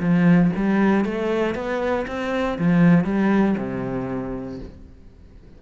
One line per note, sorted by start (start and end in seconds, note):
0.00 0.51 F3
0.56 1.05 G3
1.05 1.54 A3
1.54 2.05 B3
2.07 2.58 C4
2.58 3.04 F3
3.04 3.55 G3
3.57 4.59 C3